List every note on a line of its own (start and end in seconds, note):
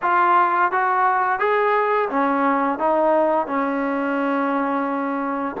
0.02 0.71 F4
0.71 1.39 F#4
1.39 2.09 G#4
2.09 2.78 C#4
2.78 3.46 D#4
3.46 5.56 C#4